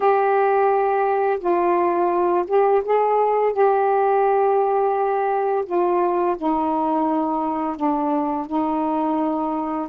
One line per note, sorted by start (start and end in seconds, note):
0.00 1.39 G4
1.39 2.45 F4
2.47 2.82 G4
2.84 3.52 G#4
3.52 5.64 G4
5.65 6.36 F4
6.37 7.76 D#4
7.76 8.46 D4
8.46 9.88 D#4